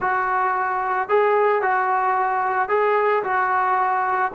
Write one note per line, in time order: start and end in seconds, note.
0.00 1.08 F#4
1.08 1.61 G#4
1.61 2.69 F#4
2.69 3.23 G#4
3.23 4.31 F#4